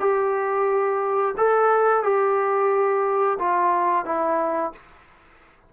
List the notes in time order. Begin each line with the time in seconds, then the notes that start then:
0.00 G4
1.37 A4
2.03 G4
3.39 F4
4.05 E4